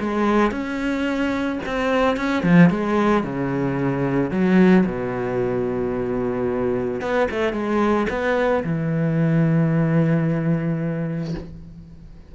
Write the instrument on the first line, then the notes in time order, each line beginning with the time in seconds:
cello
0.00 G#3
0.51 C#4
1.66 C4
2.17 C#4
2.43 F3
2.70 G#3
3.24 C#3
4.31 F#3
4.86 B2
7.01 B3
7.31 A3
7.53 G#3
8.10 B3
8.64 E3